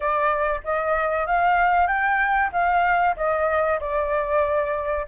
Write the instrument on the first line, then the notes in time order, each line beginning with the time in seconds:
flute
0.00 D5
0.64 D#5
1.26 F5
1.87 G5
2.52 F5
3.16 D#5
3.80 D5